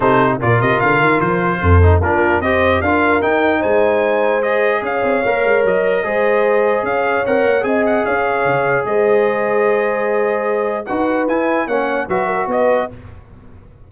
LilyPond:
<<
  \new Staff \with { instrumentName = "trumpet" } { \time 4/4 \tempo 4 = 149 c''4 d''8 dis''8 f''4 c''4~ | c''4 ais'4 dis''4 f''4 | g''4 gis''2 dis''4 | f''2 dis''2~ |
dis''4 f''4 fis''4 gis''8 fis''8 | f''2 dis''2~ | dis''2. fis''4 | gis''4 fis''4 e''4 dis''4 | }
  \new Staff \with { instrumentName = "horn" } { \time 4/4 a'4 ais'2. | a'4 f'4 c''4 ais'4~ | ais'4 c''2. | cis''2. c''4~ |
c''4 cis''2 dis''4 | cis''2 c''2~ | c''2. b'4~ | b'4 cis''4 b'8 ais'8 b'4 | }
  \new Staff \with { instrumentName = "trombone" } { \time 4/4 dis'4 f'2.~ | f'8 dis'8 d'4 g'4 f'4 | dis'2. gis'4~ | gis'4 ais'2 gis'4~ |
gis'2 ais'4 gis'4~ | gis'1~ | gis'2. fis'4 | e'4 cis'4 fis'2 | }
  \new Staff \with { instrumentName = "tuba" } { \time 4/4 c4 ais,8 c8 d8 dis8 f4 | f,4 ais4 c'4 d'4 | dis'4 gis2. | cis'8 c'8 ais8 gis8 fis4 gis4~ |
gis4 cis'4 c'8 ais8 c'4 | cis'4 cis4 gis2~ | gis2. dis'4 | e'4 ais4 fis4 b4 | }
>>